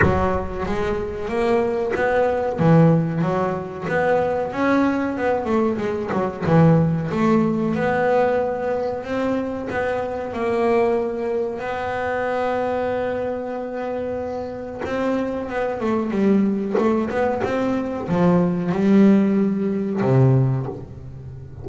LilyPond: \new Staff \with { instrumentName = "double bass" } { \time 4/4 \tempo 4 = 93 fis4 gis4 ais4 b4 | e4 fis4 b4 cis'4 | b8 a8 gis8 fis8 e4 a4 | b2 c'4 b4 |
ais2 b2~ | b2. c'4 | b8 a8 g4 a8 b8 c'4 | f4 g2 c4 | }